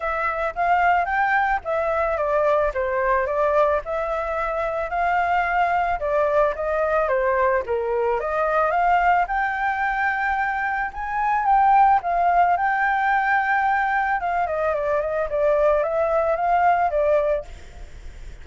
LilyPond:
\new Staff \with { instrumentName = "flute" } { \time 4/4 \tempo 4 = 110 e''4 f''4 g''4 e''4 | d''4 c''4 d''4 e''4~ | e''4 f''2 d''4 | dis''4 c''4 ais'4 dis''4 |
f''4 g''2. | gis''4 g''4 f''4 g''4~ | g''2 f''8 dis''8 d''8 dis''8 | d''4 e''4 f''4 d''4 | }